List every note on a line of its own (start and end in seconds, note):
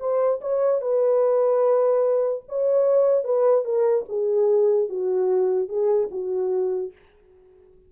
0.00 0.41 C5
0.41 0.81 C#5
0.81 2.44 B4
2.49 3.24 C#5
3.24 3.64 B4
3.64 4.05 A#4
4.09 4.89 G#4
4.89 5.69 F#4
5.69 6.09 G#4
6.11 6.92 F#4